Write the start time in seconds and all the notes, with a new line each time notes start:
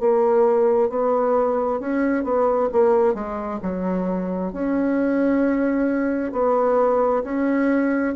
0.00 A#3
0.90 B3
1.80 C#4
2.24 B3
2.72 A#3
3.14 G#3
3.62 F#3
4.53 C#4
6.32 B3
7.24 C#4